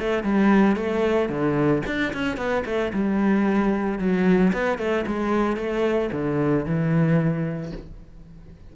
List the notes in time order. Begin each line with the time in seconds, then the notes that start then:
0.00 A3
0.24 G3
0.76 A3
1.29 D3
1.87 D4
2.14 C#4
2.38 B3
2.66 A3
2.94 G3
3.99 F#3
4.53 B3
4.79 A3
5.07 G#3
5.57 A3
6.12 D3
6.66 E3